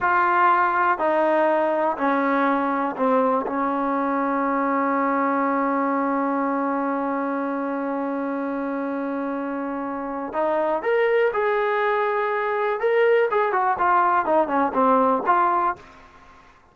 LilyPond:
\new Staff \with { instrumentName = "trombone" } { \time 4/4 \tempo 4 = 122 f'2 dis'2 | cis'2 c'4 cis'4~ | cis'1~ | cis'1~ |
cis'1~ | cis'4 dis'4 ais'4 gis'4~ | gis'2 ais'4 gis'8 fis'8 | f'4 dis'8 cis'8 c'4 f'4 | }